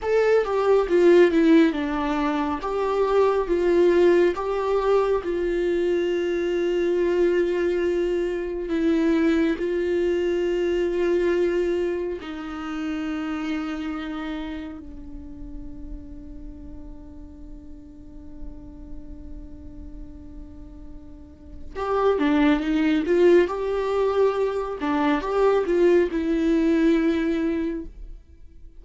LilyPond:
\new Staff \with { instrumentName = "viola" } { \time 4/4 \tempo 4 = 69 a'8 g'8 f'8 e'8 d'4 g'4 | f'4 g'4 f'2~ | f'2 e'4 f'4~ | f'2 dis'2~ |
dis'4 d'2.~ | d'1~ | d'4 g'8 d'8 dis'8 f'8 g'4~ | g'8 d'8 g'8 f'8 e'2 | }